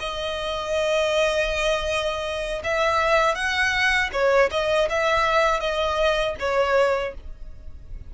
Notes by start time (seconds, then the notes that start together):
0.00 D#5
2.64 E5
3.35 F#5
4.12 C#5
4.51 D#5
4.89 E5
5.60 D#5
6.39 C#5